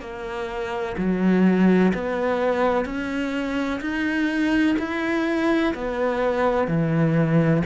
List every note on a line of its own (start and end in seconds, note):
0.00 0.95 A#3
0.97 1.93 F#3
1.94 2.85 B3
2.85 3.80 C#4
3.81 4.76 D#4
4.78 5.74 E4
5.74 6.67 B3
6.67 7.62 E3